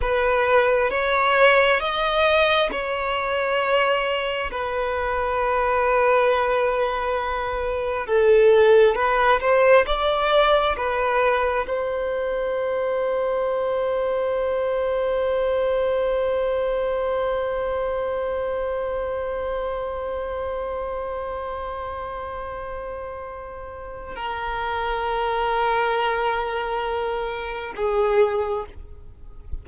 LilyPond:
\new Staff \with { instrumentName = "violin" } { \time 4/4 \tempo 4 = 67 b'4 cis''4 dis''4 cis''4~ | cis''4 b'2.~ | b'4 a'4 b'8 c''8 d''4 | b'4 c''2.~ |
c''1~ | c''1~ | c''2. ais'4~ | ais'2. gis'4 | }